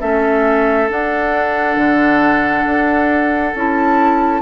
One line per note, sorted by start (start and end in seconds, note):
0.00 0.89 A3
0.00 0.88 C#4
0.00 4.41 A4
0.00 0.88 E5
0.88 3.53 D4
0.88 1.76 D4
0.88 3.56 F#5
1.76 2.64 D3
2.65 3.53 D4
3.54 4.41 C#4
3.54 4.41 E4
3.54 4.41 A5